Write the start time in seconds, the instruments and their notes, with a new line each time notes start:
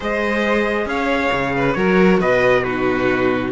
0.00 cello G#3, viola G#4, violin C5, trumpet D#5
0.85 cello C#4, violin C#5, trumpet F5
1.32 cello C#3
1.56 violin B4
1.73 cello F#3, viola F#4, violin A#4, trumpet C#5
2.20 cello B2, violin B4, trumpet D#5
2.63 viola D#4, violin F#4, trumpet B4